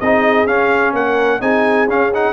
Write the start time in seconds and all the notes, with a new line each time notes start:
0.00 C4 D#4 G#4 D#5
0.46 C#4 F5
0.93 A#3 A#4 F#5
1.40 C4 D#4 G#4 G#5
1.88 C#4 F5
2.14 D#4 F#5